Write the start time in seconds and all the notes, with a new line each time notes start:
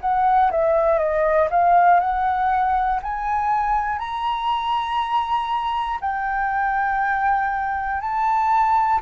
0.00 F#5
0.50 E5
0.98 D#5
1.50 F5
2.00 F#5
3.02 G#5
3.98 A#5
6.00 G5
8.00 A5